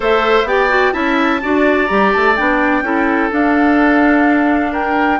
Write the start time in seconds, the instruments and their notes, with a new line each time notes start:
0.00 bassoon A3, clarinet A4, oboe C5, flute E5
0.44 bassoon B3, clarinet G4, oboe D5, flute G5
0.69 clarinet F#4
0.92 bassoon C#4, clarinet E4, oboe E5, flute A5
1.42 bassoon D4, clarinet F#4, oboe D5
1.86 bassoon G3, clarinet G4, flute A#5
2.12 bassoon A3, flute A5
2.35 bassoon B3, clarinet D4, flute G5
2.82 bassoon C#4, clarinet E4, oboe A4
3.30 clarinet D4, bassoon D4, flute F5
4.72 oboe A#4, flute G5